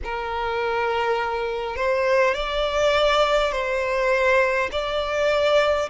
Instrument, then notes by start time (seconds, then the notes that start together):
violin
0.03 A#4
1.75 C5
2.34 D5
3.52 C5
4.71 D5